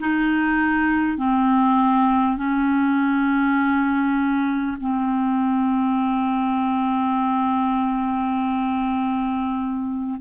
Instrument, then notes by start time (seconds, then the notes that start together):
clarinet
0.00 D#4
1.18 C4
2.37 C#4
4.81 C4